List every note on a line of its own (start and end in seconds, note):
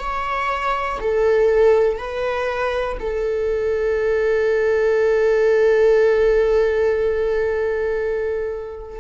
0.00 1.00 C#5
1.01 1.99 A4
1.99 2.99 B4
3.00 9.00 A4